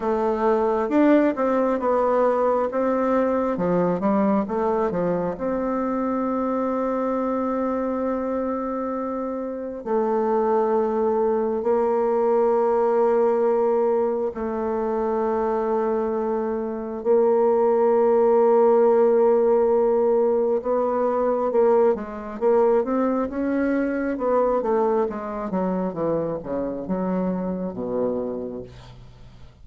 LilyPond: \new Staff \with { instrumentName = "bassoon" } { \time 4/4 \tempo 4 = 67 a4 d'8 c'8 b4 c'4 | f8 g8 a8 f8 c'2~ | c'2. a4~ | a4 ais2. |
a2. ais4~ | ais2. b4 | ais8 gis8 ais8 c'8 cis'4 b8 a8 | gis8 fis8 e8 cis8 fis4 b,4 | }